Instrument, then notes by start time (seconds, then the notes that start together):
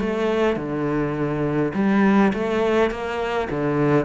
cello
0.00 A3
0.56 D3
1.74 G3
2.34 A3
2.91 A#3
3.50 D3